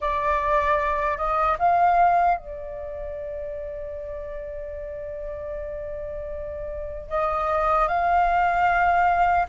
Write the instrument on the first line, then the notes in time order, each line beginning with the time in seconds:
flute
0.00 D5
1.17 D#5
1.59 F5
2.37 D5
7.09 D#5
7.88 F5